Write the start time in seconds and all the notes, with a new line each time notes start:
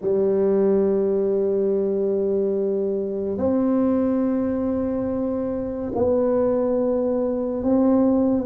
0.01 G3
3.37 C4
5.95 B3
7.63 C4